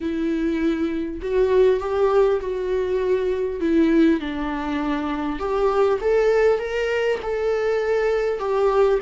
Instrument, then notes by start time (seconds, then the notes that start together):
viola
0.00 E4
1.22 F#4
1.80 G4
2.40 F#4
3.60 E4
4.20 D4
5.39 G4
6.00 A4
6.58 A#4
7.22 A4
8.39 G4